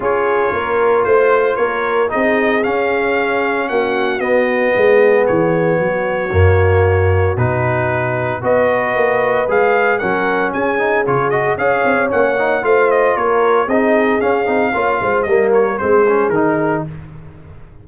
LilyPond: <<
  \new Staff \with { instrumentName = "trumpet" } { \time 4/4 \tempo 4 = 114 cis''2 c''4 cis''4 | dis''4 f''2 fis''4 | dis''2 cis''2~ | cis''2 b'2 |
dis''2 f''4 fis''4 | gis''4 cis''8 dis''8 f''4 fis''4 | f''8 dis''8 cis''4 dis''4 f''4~ | f''4 dis''8 cis''8 c''4 ais'4 | }
  \new Staff \with { instrumentName = "horn" } { \time 4/4 gis'4 ais'4 c''4 ais'4 | gis'2. fis'4~ | fis'4 gis'2 fis'4~ | fis'1 |
b'2. ais'4 | gis'2 cis''2 | c''4 ais'4 gis'2 | cis''8 c''8 ais'4 gis'2 | }
  \new Staff \with { instrumentName = "trombone" } { \time 4/4 f'1 | dis'4 cis'2. | b1 | ais2 dis'2 |
fis'2 gis'4 cis'4~ | cis'8 dis'8 f'8 fis'8 gis'4 cis'8 dis'8 | f'2 dis'4 cis'8 dis'8 | f'4 ais4 c'8 cis'8 dis'4 | }
  \new Staff \with { instrumentName = "tuba" } { \time 4/4 cis'4 ais4 a4 ais4 | c'4 cis'2 ais4 | b4 gis4 e4 fis4 | fis,2 b,2 |
b4 ais4 gis4 fis4 | cis'4 cis4 cis'8 c'8 ais4 | a4 ais4 c'4 cis'8 c'8 | ais8 gis8 g4 gis4 dis4 | }
>>